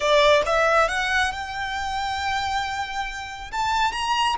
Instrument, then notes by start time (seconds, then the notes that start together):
violin
0.00 D5
0.46 E5
0.88 F#5
1.32 G5
3.51 A5
3.91 A#5